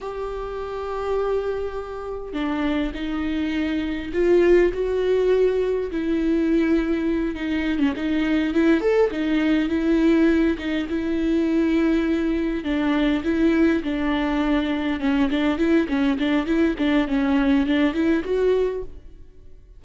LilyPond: \new Staff \with { instrumentName = "viola" } { \time 4/4 \tempo 4 = 102 g'1 | d'4 dis'2 f'4 | fis'2 e'2~ | e'8 dis'8. cis'16 dis'4 e'8 a'8 dis'8~ |
dis'8 e'4. dis'8 e'4.~ | e'4. d'4 e'4 d'8~ | d'4. cis'8 d'8 e'8 cis'8 d'8 | e'8 d'8 cis'4 d'8 e'8 fis'4 | }